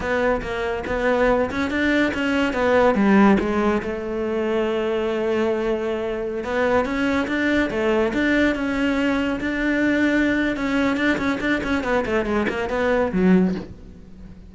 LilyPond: \new Staff \with { instrumentName = "cello" } { \time 4/4 \tempo 4 = 142 b4 ais4 b4. cis'8 | d'4 cis'4 b4 g4 | gis4 a2.~ | a2.~ a16 b8.~ |
b16 cis'4 d'4 a4 d'8.~ | d'16 cis'2 d'4.~ d'16~ | d'4 cis'4 d'8 cis'8 d'8 cis'8 | b8 a8 gis8 ais8 b4 fis4 | }